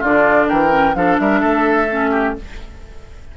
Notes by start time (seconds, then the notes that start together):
0.00 D3 D4 F4 D5
0.49 E3 A#4 G5
0.70 C#4
0.95 F3 D4 A4 F5
1.19 G3 A#4 E5
1.40 A3 A4
1.90 C#4
2.11 G4